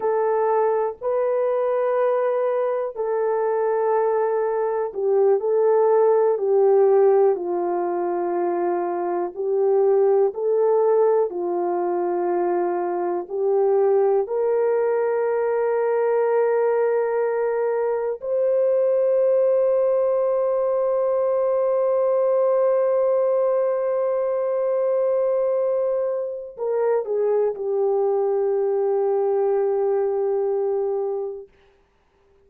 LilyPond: \new Staff \with { instrumentName = "horn" } { \time 4/4 \tempo 4 = 61 a'4 b'2 a'4~ | a'4 g'8 a'4 g'4 f'8~ | f'4. g'4 a'4 f'8~ | f'4. g'4 ais'4.~ |
ais'2~ ais'8 c''4.~ | c''1~ | c''2. ais'8 gis'8 | g'1 | }